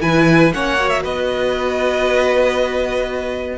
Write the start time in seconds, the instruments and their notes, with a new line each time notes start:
0.00 cello E3, viola E4, violin B4 G#5
0.53 cello A#3, viola C#4, violin C#5 F#5
0.77 viola F#4
0.89 violin E5
1.02 cello B3, violin B4 D#5